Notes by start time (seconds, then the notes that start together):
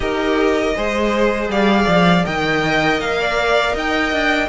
0.00 D#4 G4 A#4 D#5
0.75 G#3 G#4 C5
1.48 G3 D5 F5
1.87 F3
2.25 D#3 A#4 D#5 G5
2.99 A#3 F5
3.21 D5
3.73 D#4 D#5 G5
4.12 D4